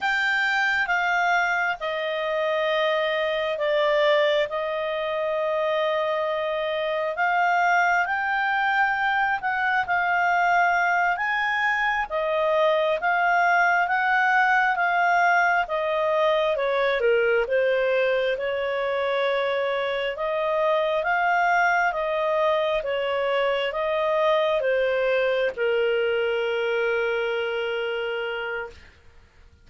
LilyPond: \new Staff \with { instrumentName = "clarinet" } { \time 4/4 \tempo 4 = 67 g''4 f''4 dis''2 | d''4 dis''2. | f''4 g''4. fis''8 f''4~ | f''8 gis''4 dis''4 f''4 fis''8~ |
fis''8 f''4 dis''4 cis''8 ais'8 c''8~ | c''8 cis''2 dis''4 f''8~ | f''8 dis''4 cis''4 dis''4 c''8~ | c''8 ais'2.~ ais'8 | }